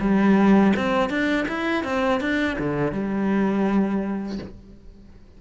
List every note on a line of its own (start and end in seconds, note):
0.00 0.73 G3
0.76 1.10 C4
1.10 1.46 D4
1.48 1.84 E4
1.84 2.20 C4
2.20 2.57 D4
2.59 2.92 D3
2.92 4.39 G3